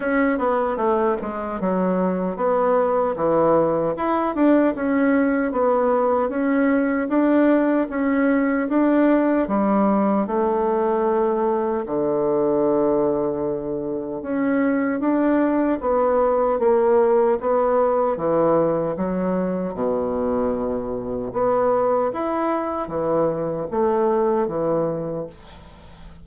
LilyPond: \new Staff \with { instrumentName = "bassoon" } { \time 4/4 \tempo 4 = 76 cis'8 b8 a8 gis8 fis4 b4 | e4 e'8 d'8 cis'4 b4 | cis'4 d'4 cis'4 d'4 | g4 a2 d4~ |
d2 cis'4 d'4 | b4 ais4 b4 e4 | fis4 b,2 b4 | e'4 e4 a4 e4 | }